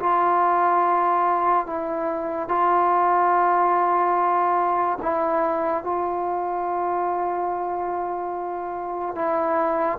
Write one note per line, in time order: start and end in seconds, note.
0.00 1.66 F4
1.66 2.48 E4
2.48 4.98 F4
5.02 5.84 E4
5.84 9.15 F4
9.15 9.98 E4